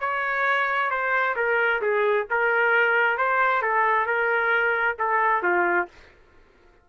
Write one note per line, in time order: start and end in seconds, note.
0.00 0.90 C#5
0.90 1.35 C5
1.36 1.81 A#4
1.81 2.26 G#4
2.30 3.17 A#4
3.17 3.62 C5
3.62 4.06 A4
4.06 4.96 A#4
4.99 5.43 A4
5.43 5.88 F4